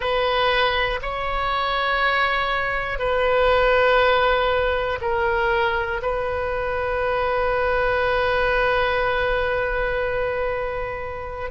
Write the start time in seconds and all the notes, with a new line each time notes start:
0.00 B4
1.02 C#5
2.98 B4
5.01 A#4
6.01 B4